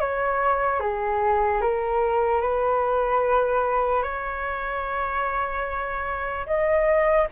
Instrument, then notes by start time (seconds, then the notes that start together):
flute
0.00 C#5
0.80 G#4
1.61 A#4
2.41 B4
4.03 C#5
6.46 D#5